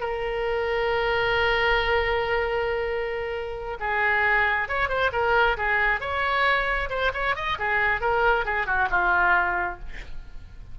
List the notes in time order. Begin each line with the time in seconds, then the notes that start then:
0.00 A#4
3.80 G#4
4.69 C#5
4.89 C5
5.13 A#4
5.57 G#4
6.00 C#5
6.90 C5
7.14 C#5
7.36 D#5
7.59 G#4
8.01 A#4
8.45 G#4
8.66 F#4
8.91 F4